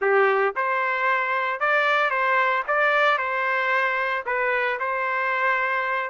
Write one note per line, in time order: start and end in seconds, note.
0.01 0.54 G4
0.56 1.59 C5
1.59 2.10 D5
2.10 2.63 C5
2.67 3.18 D5
3.18 4.24 C5
4.26 4.79 B4
4.79 6.09 C5